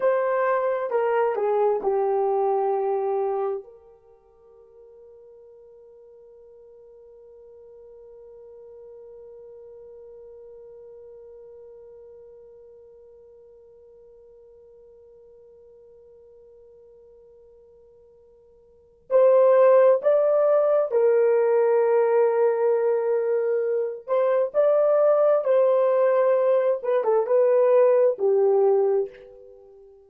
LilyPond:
\new Staff \with { instrumentName = "horn" } { \time 4/4 \tempo 4 = 66 c''4 ais'8 gis'8 g'2 | ais'1~ | ais'1~ | ais'1~ |
ais'1~ | ais'4 c''4 d''4 ais'4~ | ais'2~ ais'8 c''8 d''4 | c''4. b'16 a'16 b'4 g'4 | }